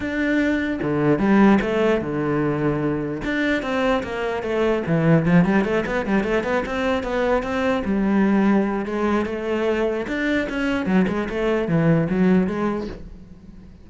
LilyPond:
\new Staff \with { instrumentName = "cello" } { \time 4/4 \tempo 4 = 149 d'2 d4 g4 | a4 d2. | d'4 c'4 ais4 a4 | e4 f8 g8 a8 b8 g8 a8 |
b8 c'4 b4 c'4 g8~ | g2 gis4 a4~ | a4 d'4 cis'4 fis8 gis8 | a4 e4 fis4 gis4 | }